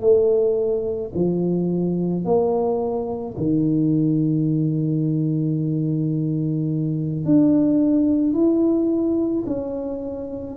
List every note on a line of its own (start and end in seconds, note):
0.00 1.11 A3
1.14 2.24 F3
2.24 3.35 A#3
3.37 7.25 D#3
7.25 8.33 D4
8.33 9.44 E4
9.46 10.57 C#4